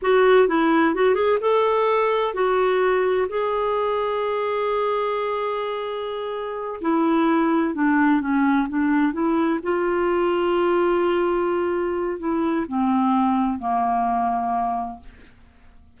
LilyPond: \new Staff \with { instrumentName = "clarinet" } { \time 4/4 \tempo 4 = 128 fis'4 e'4 fis'8 gis'8 a'4~ | a'4 fis'2 gis'4~ | gis'1~ | gis'2~ gis'8 e'4.~ |
e'8 d'4 cis'4 d'4 e'8~ | e'8 f'2.~ f'8~ | f'2 e'4 c'4~ | c'4 ais2. | }